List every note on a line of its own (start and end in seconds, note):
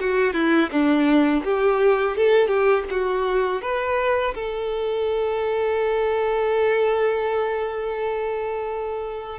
0.00 0.33 F#4
0.33 0.69 E4
0.71 1.44 D4
1.44 2.17 G4
2.17 2.47 A4
2.47 2.84 G4
2.90 3.62 F#4
3.62 4.34 B4
4.34 9.39 A4